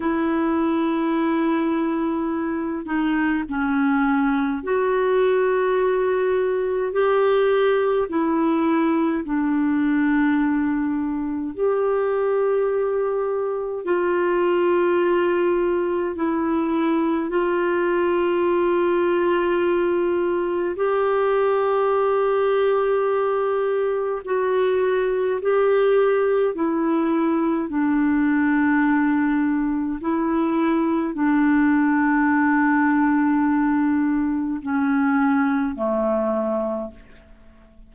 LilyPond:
\new Staff \with { instrumentName = "clarinet" } { \time 4/4 \tempo 4 = 52 e'2~ e'8 dis'8 cis'4 | fis'2 g'4 e'4 | d'2 g'2 | f'2 e'4 f'4~ |
f'2 g'2~ | g'4 fis'4 g'4 e'4 | d'2 e'4 d'4~ | d'2 cis'4 a4 | }